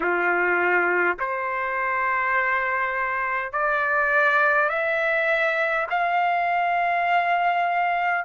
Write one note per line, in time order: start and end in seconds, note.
0.00 1.17 F4
1.19 3.52 C5
3.52 4.68 D5
4.68 5.86 E5
5.90 8.25 F5